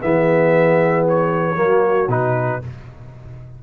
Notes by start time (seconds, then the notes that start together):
0.00 E3 B3 G#4 E5
1.08 C#5
1.55 F#3 A#3 F#4
2.07 B2 D#4 B4